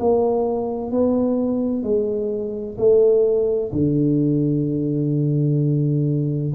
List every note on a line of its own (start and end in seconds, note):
0.00 0.91 A#3
0.91 1.84 B3
1.84 2.77 G#3
2.78 3.72 A3
3.72 6.54 D3